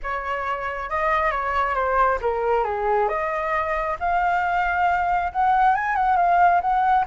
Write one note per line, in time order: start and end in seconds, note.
0.02 0.89 C#5
0.89 1.31 D#5
1.31 1.74 C#5
1.74 2.18 C5
2.21 2.64 A#4
2.64 3.08 G#4
3.08 3.96 D#5
3.99 5.31 F5
5.32 5.75 F#5
5.75 5.95 G#5
5.95 6.16 F#5
6.16 6.60 F5
6.61 7.05 F#5